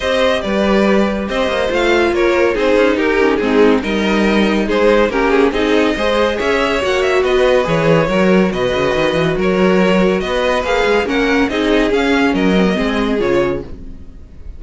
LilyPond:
<<
  \new Staff \with { instrumentName = "violin" } { \time 4/4 \tempo 4 = 141 dis''4 d''2 dis''4 | f''4 cis''4 c''4 ais'4 | gis'4 dis''2 c''4 | ais'8 gis'8 dis''2 e''4 |
fis''8 e''8 dis''4 cis''2 | dis''2 cis''2 | dis''4 f''4 fis''4 dis''4 | f''4 dis''2 cis''4 | }
  \new Staff \with { instrumentName = "violin" } { \time 4/4 c''4 b'2 c''4~ | c''4 ais'4 gis'4 g'4 | dis'4 ais'2 gis'4 | g'4 gis'4 c''4 cis''4~ |
cis''4 b'2 ais'4 | b'2 ais'2 | b'2 ais'4 gis'4~ | gis'4 ais'4 gis'2 | }
  \new Staff \with { instrumentName = "viola" } { \time 4/4 g'1 | f'2 dis'4. cis'8 | c'4 dis'2. | cis'4 dis'4 gis'2 |
fis'2 gis'4 fis'4~ | fis'1~ | fis'4 gis'4 cis'4 dis'4 | cis'4. c'16 ais16 c'4 f'4 | }
  \new Staff \with { instrumentName = "cello" } { \time 4/4 c'4 g2 c'8 ais8 | a4 ais4 c'8 cis'8 dis'4 | gis4 g2 gis4 | ais4 c'4 gis4 cis'4 |
ais4 b4 e4 fis4 | b,8 cis8 dis8 e8 fis2 | b4 ais8 gis8 ais4 c'4 | cis'4 fis4 gis4 cis4 | }
>>